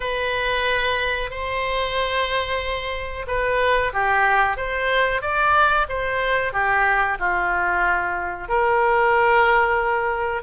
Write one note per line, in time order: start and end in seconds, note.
0.00 1.30 B4
1.30 3.25 C5
3.27 3.92 B4
3.93 4.57 G4
4.57 5.21 C5
5.21 5.86 D5
5.89 6.52 C5
6.52 7.18 G4
7.19 8.48 F4
8.48 10.42 A#4